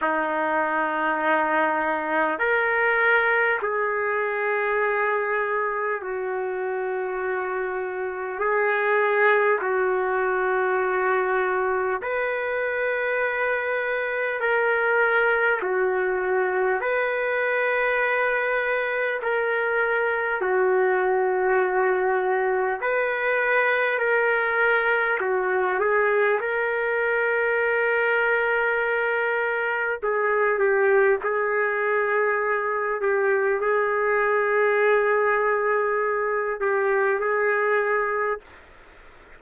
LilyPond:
\new Staff \with { instrumentName = "trumpet" } { \time 4/4 \tempo 4 = 50 dis'2 ais'4 gis'4~ | gis'4 fis'2 gis'4 | fis'2 b'2 | ais'4 fis'4 b'2 |
ais'4 fis'2 b'4 | ais'4 fis'8 gis'8 ais'2~ | ais'4 gis'8 g'8 gis'4. g'8 | gis'2~ gis'8 g'8 gis'4 | }